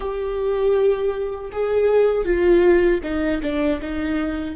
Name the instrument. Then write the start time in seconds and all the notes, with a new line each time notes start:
viola
0.00 G4
1.52 G#4
2.24 F4
3.03 D#4
3.42 D4
3.81 D#4